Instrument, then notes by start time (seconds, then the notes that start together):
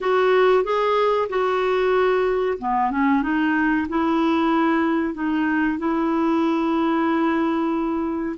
clarinet
0.00 F#4
0.64 G#4
1.29 F#4
2.58 B3
2.91 C#4
3.22 D#4
3.88 E4
5.13 D#4
5.78 E4